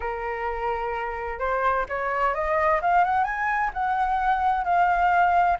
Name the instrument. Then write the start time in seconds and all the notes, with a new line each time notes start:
flute
0.00 A#4
1.39 C5
1.88 C#5
2.34 D#5
2.81 F5
3.04 F#5
3.24 G#5
3.73 F#5
4.64 F5